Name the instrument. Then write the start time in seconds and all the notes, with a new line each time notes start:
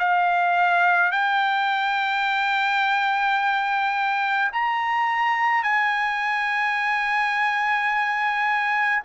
trumpet
0.00 F5
1.12 G5
4.53 A#5
5.64 G#5